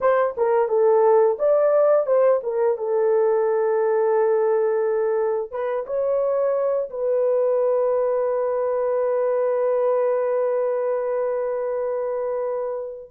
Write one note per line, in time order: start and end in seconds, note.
0.00 0.35 C5
0.37 0.68 A#4
0.68 1.37 A4
1.38 2.06 D5
2.06 2.40 C5
2.43 2.77 A#4
2.77 5.51 A4
5.51 5.85 B4
5.86 6.89 C#5
6.90 13.10 B4